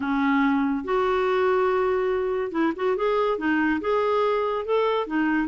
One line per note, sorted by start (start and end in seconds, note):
0.00 0.84 C#4
0.84 2.51 F#4
2.51 2.73 E4
2.76 2.96 F#4
2.96 3.38 G#4
3.38 3.80 D#4
3.80 4.65 G#4
4.65 5.06 A4
5.06 5.48 D#4